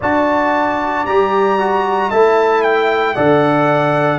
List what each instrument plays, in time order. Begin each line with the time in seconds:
0.00 tuba D4, trombone F#4, horn D5, trumpet A5
1.05 tuba G3, trombone G4, trumpet A#5
1.59 trombone F#4
2.09 tuba A3, trombone E4, horn E5, trumpet A5
2.62 trumpet G5
3.14 tuba D3, trombone A4, horn D5, trumpet F#5